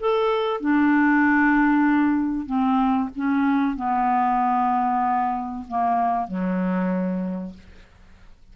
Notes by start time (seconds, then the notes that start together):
0.00 A4
0.60 D4
2.46 C4
3.16 C#4
3.76 B3
5.68 A#3
6.28 F#3